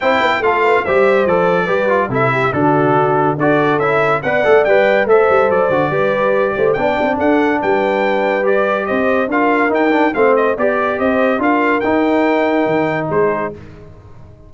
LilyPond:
<<
  \new Staff \with { instrumentName = "trumpet" } { \time 4/4 \tempo 4 = 142 g''4 f''4 e''4 d''4~ | d''4 e''4 a'2 | d''4 e''4 fis''4 g''4 | e''4 d''2. |
g''4 fis''4 g''2 | d''4 dis''4 f''4 g''4 | f''8 dis''8 d''4 dis''4 f''4 | g''2. c''4 | }
  \new Staff \with { instrumentName = "horn" } { \time 4/4 c''8 b'8 a'8 b'8 c''2 | b'4 a'8 g'8 fis'2 | a'2 d''2 | c''2 b'4. c''8 |
d''4 a'4 b'2~ | b'4 c''4 ais'2 | c''4 d''4 c''4 ais'4~ | ais'2. gis'4 | }
  \new Staff \with { instrumentName = "trombone" } { \time 4/4 e'4 f'4 g'4 a'4 | g'8 f'8 e'4 d'2 | fis'4 e'4 b'8 a'8 b'4 | a'4. fis'8 g'2 |
d'1 | g'2 f'4 dis'8 d'8 | c'4 g'2 f'4 | dis'1 | }
  \new Staff \with { instrumentName = "tuba" } { \time 4/4 c'8 b8 a4 g4 f4 | g4 c4 d2 | d'4 cis'4 b8 a8 g4 | a8 g8 fis8 d8 g4. a8 |
b8 c'8 d'4 g2~ | g4 c'4 d'4 dis'4 | a4 b4 c'4 d'4 | dis'2 dis4 gis4 | }
>>